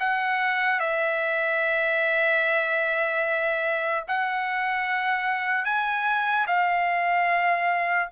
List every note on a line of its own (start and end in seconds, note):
0.00 0.80 F#5
0.80 4.05 E5
4.08 5.65 F#5
5.65 6.46 G#5
6.48 8.10 F5